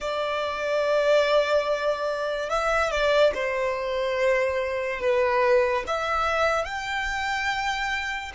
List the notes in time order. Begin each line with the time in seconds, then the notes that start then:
0.00 D5
2.49 E5
2.91 D5
3.34 C5
5.00 B4
5.87 E5
6.64 G5